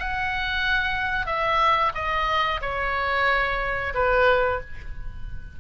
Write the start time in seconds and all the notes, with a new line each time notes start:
0.00 F#5
1.27 E5
1.95 D#5
2.62 C#5
3.95 B4